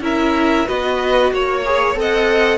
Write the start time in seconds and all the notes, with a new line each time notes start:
0.00 C#4 E4 A#4 E5
0.66 B3 F#4 B4 D#5
1.31 A#3 C#5
1.65 G#4
1.95 C4 A4 D#5
2.01 F#5